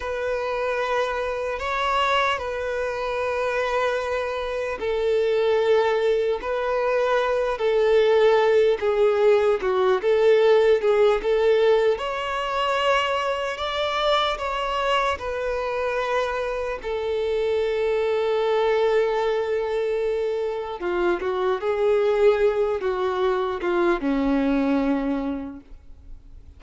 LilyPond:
\new Staff \with { instrumentName = "violin" } { \time 4/4 \tempo 4 = 75 b'2 cis''4 b'4~ | b'2 a'2 | b'4. a'4. gis'4 | fis'8 a'4 gis'8 a'4 cis''4~ |
cis''4 d''4 cis''4 b'4~ | b'4 a'2.~ | a'2 f'8 fis'8 gis'4~ | gis'8 fis'4 f'8 cis'2 | }